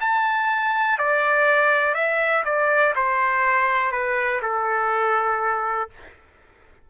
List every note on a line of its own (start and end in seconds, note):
0.00 0.98 A5
0.98 1.94 D5
1.94 2.43 E5
2.45 2.94 D5
2.95 3.92 C5
3.92 4.41 B4
4.42 5.89 A4